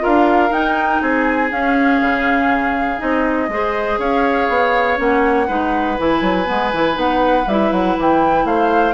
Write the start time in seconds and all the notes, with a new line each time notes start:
0.00 F4 A#4 F5
0.06 D4
0.50 D#4 G5
1.02 C4 G#4 G#5
1.51 C#4 F5
2.01 C#3
2.98 C4 D#4 D#5
3.48 G#3 G#4 C5
3.98 C#4 C#5 F5
4.49 B3
4.97 A#3 C#4 F#5
5.47 G#3 D#4 B4
5.98 E3 E4 G#5
6.21 F#3
6.45 G#3 B3
6.73 E3 E4
6.94 B3 D#4 F#5
7.47 G3 E4 E5
7.72 F#3 F#5
7.98 E3 G5
8.45 A3 C5 F5